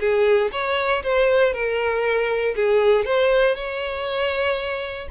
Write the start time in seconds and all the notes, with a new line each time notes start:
0.00 G#4
0.52 C#5
1.03 C5
1.53 A#4
2.56 G#4
3.05 C5
3.55 C#5